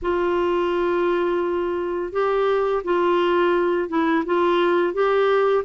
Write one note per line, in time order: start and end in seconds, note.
0.02 2.12 F4
2.12 2.82 G4
2.84 3.88 F4
3.88 4.24 E4
4.25 4.93 F4
4.93 5.64 G4